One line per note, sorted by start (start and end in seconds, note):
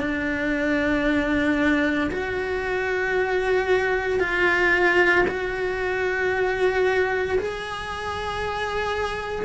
0.00 2.11 D4
2.11 4.20 F#4
4.20 5.25 F4
5.28 7.38 F#4
7.39 9.45 G#4